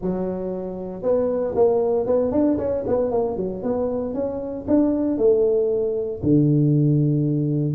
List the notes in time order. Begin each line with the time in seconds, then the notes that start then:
0.01 F#3
1.02 B3
1.55 A#3
2.06 B3
2.31 D4
2.58 C#4
2.87 B3
3.11 A#3
3.36 F#3
3.62 B3
4.14 C#4
4.67 D4
5.17 A3
6.22 D3